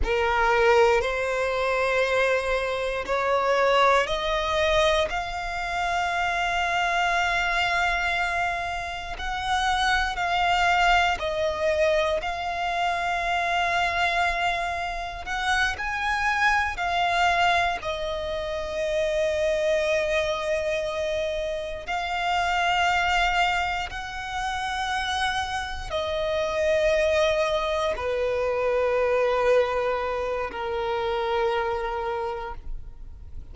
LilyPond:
\new Staff \with { instrumentName = "violin" } { \time 4/4 \tempo 4 = 59 ais'4 c''2 cis''4 | dis''4 f''2.~ | f''4 fis''4 f''4 dis''4 | f''2. fis''8 gis''8~ |
gis''8 f''4 dis''2~ dis''8~ | dis''4. f''2 fis''8~ | fis''4. dis''2 b'8~ | b'2 ais'2 | }